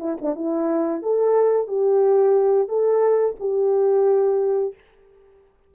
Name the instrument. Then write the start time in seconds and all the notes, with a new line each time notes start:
horn
0.00 E4
0.21 D4
0.36 E4
1.03 A4
1.68 G4
2.68 A4
3.40 G4